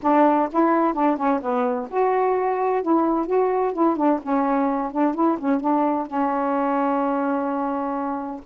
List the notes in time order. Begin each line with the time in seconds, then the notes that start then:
0.02 D4
0.52 E4
0.93 D4
1.17 C#4
1.41 B3
1.90 F#4
2.82 E4
3.26 F#4
3.73 E4
3.96 D4
4.22 C#4
4.91 D4
5.14 E4
5.38 C#4
5.60 D4
6.07 C#4